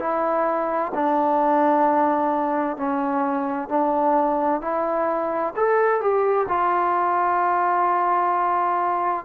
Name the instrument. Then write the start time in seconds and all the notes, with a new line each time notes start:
trombone
0.00 E4
0.94 D4
2.77 C#4
3.69 D4
4.62 E4
5.56 A4
6.01 G4
6.49 F4